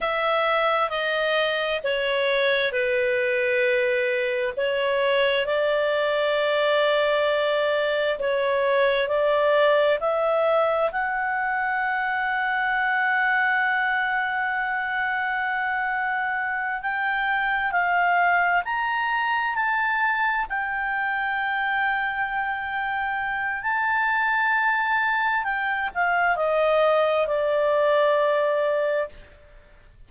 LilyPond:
\new Staff \with { instrumentName = "clarinet" } { \time 4/4 \tempo 4 = 66 e''4 dis''4 cis''4 b'4~ | b'4 cis''4 d''2~ | d''4 cis''4 d''4 e''4 | fis''1~ |
fis''2~ fis''8 g''4 f''8~ | f''8 ais''4 a''4 g''4.~ | g''2 a''2 | g''8 f''8 dis''4 d''2 | }